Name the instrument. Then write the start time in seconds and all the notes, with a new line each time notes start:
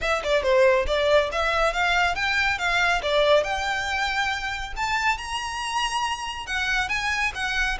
violin
0.01 E5
0.23 D5
0.42 C5
0.87 D5
1.32 E5
1.73 F5
2.15 G5
2.58 F5
3.02 D5
3.43 G5
4.76 A5
5.17 A#5
6.46 F#5
6.88 G#5
7.34 F#5